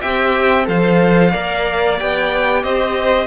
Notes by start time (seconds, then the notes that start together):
0.00 C4 G4 E5 G5
0.64 F3 A4 C5 F5
1.31 A#3 A#4 D5
1.98 B3 G4 G5
2.63 C4 C5 D#5